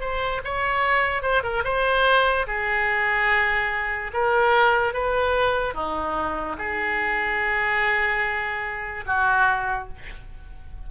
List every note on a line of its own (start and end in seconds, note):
0.00 0.41 C5
0.44 1.22 C#5
1.22 1.43 C5
1.43 1.63 A#4
1.64 2.46 C5
2.47 4.11 G#4
4.13 4.94 A#4
4.94 5.74 B4
5.74 6.56 D#4
6.58 9.04 G#4
9.06 9.88 F#4